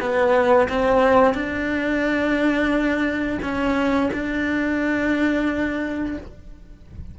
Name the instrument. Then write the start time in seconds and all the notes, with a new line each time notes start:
cello
0.00 B3
0.69 C4
1.35 D4
3.42 C#4
4.13 D4